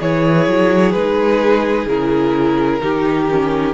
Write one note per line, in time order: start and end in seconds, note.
0.00 0.47 E3
0.00 0.95 E4
0.00 2.81 G#4
0.00 0.92 C#5
0.47 0.94 F#3
0.92 1.86 G#3
0.92 1.88 D#4
0.92 1.86 B4
1.86 2.79 C#3
1.86 2.81 E4
1.86 3.74 A#4
2.81 3.74 D#3
2.81 3.28 D#4
2.81 3.74 G4
3.30 3.74 C#4